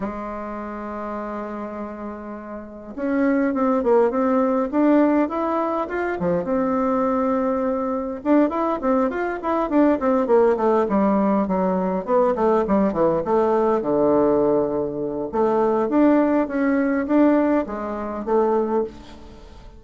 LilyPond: \new Staff \with { instrumentName = "bassoon" } { \time 4/4 \tempo 4 = 102 gis1~ | gis4 cis'4 c'8 ais8 c'4 | d'4 e'4 f'8 f8 c'4~ | c'2 d'8 e'8 c'8 f'8 |
e'8 d'8 c'8 ais8 a8 g4 fis8~ | fis8 b8 a8 g8 e8 a4 d8~ | d2 a4 d'4 | cis'4 d'4 gis4 a4 | }